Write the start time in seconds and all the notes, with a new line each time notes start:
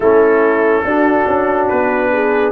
0.00 A3 C#4 E4 A4
0.84 D4 F#4
1.27 C#4
1.68 B3 B4
2.12 G#4